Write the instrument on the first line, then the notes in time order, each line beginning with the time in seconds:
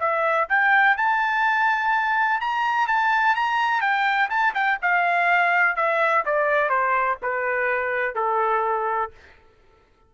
trumpet
0.00 E5
0.49 G5
0.97 A5
2.41 A#5
2.88 A5
3.36 A#5
3.81 G5
4.30 A5
4.54 G5
4.82 F5
5.76 E5
6.26 D5
6.70 C5
7.22 B4
8.15 A4